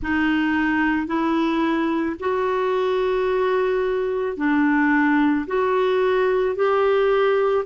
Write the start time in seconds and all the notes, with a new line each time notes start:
0.02 D#4
1.06 E4
2.19 F#4
4.36 D4
5.46 F#4
6.55 G4